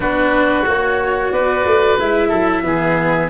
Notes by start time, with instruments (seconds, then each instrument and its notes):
0.00 tuba B3, cello D4, oboe F#4, flute B4
0.66 tuba A#3, cello F#4, flute C#5
1.31 tuba B3, oboe B4, flute D5
1.65 tuba A3
1.98 tuba G#3, cello E4, flute E5
2.28 tuba F#3, oboe A4
2.62 tuba E3, cello B3, oboe G#4